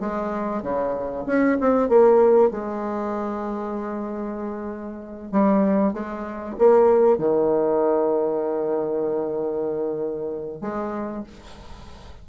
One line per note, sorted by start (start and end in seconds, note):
0.00 0.62 G#3
0.62 1.25 C#3
1.26 1.58 C#4
1.60 1.89 C4
1.89 2.51 A#3
2.51 5.32 G#3
5.32 5.93 G3
5.93 6.56 G#3
6.59 7.18 A#3
7.18 10.61 D#3
10.61 11.24 G#3